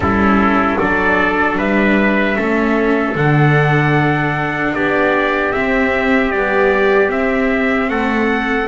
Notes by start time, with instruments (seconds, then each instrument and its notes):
0.00 double bass G3, viola C#4, trumpet E4 A4
0.77 double bass F#3, viola D4, trumpet A4 D5
1.57 double bass G3, trumpet B4 E5
2.35 double bass A3, viola C#4, trumpet A4
3.15 double bass D3, viola D4, trumpet F#5
4.74 double bass B3, trumpet G4 D5
5.52 viola C4, double bass C4, trumpet E5
6.31 viola G3, double bass B3, trumpet D5
7.09 viola C4, double bass C4, trumpet E5
7.89 double bass A3, trumpet A4 F#5